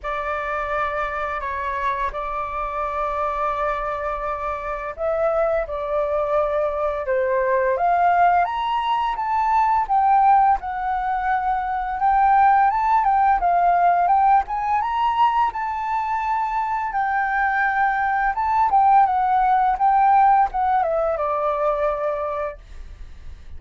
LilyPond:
\new Staff \with { instrumentName = "flute" } { \time 4/4 \tempo 4 = 85 d''2 cis''4 d''4~ | d''2. e''4 | d''2 c''4 f''4 | ais''4 a''4 g''4 fis''4~ |
fis''4 g''4 a''8 g''8 f''4 | g''8 gis''8 ais''4 a''2 | g''2 a''8 g''8 fis''4 | g''4 fis''8 e''8 d''2 | }